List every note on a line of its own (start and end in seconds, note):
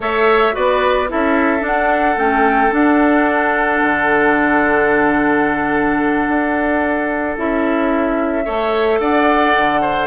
0.00 0.52 A3
0.00 0.52 A4
0.00 0.54 C#5
0.00 0.55 E5
0.52 1.10 B3
0.52 1.06 F#4
0.52 1.09 B4
0.52 1.10 D5
1.08 1.61 C#4
1.08 1.60 E4
1.08 8.44 A4
1.08 1.65 E5
1.60 2.14 D4
1.60 2.16 D4
1.60 2.18 F#5
2.16 2.71 A3
2.16 2.70 C#4
2.16 2.72 G5
2.70 7.33 D4
2.70 3.81 D4
2.70 7.37 F#5
3.82 6.28 D3
6.28 7.37 D4
7.36 8.46 C#4
7.36 8.44 E4
7.36 9.00 E5
8.44 9.00 A3
8.44 10.06 A4
8.44 8.99 C#5
9.00 9.54 D4
9.00 9.81 D5
9.00 10.06 F#5
9.56 10.06 D3
9.81 10.06 C5